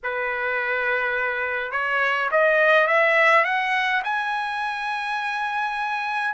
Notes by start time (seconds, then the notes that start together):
0.03 B4
1.72 C#5
2.31 D#5
2.87 E5
3.44 F#5
4.04 G#5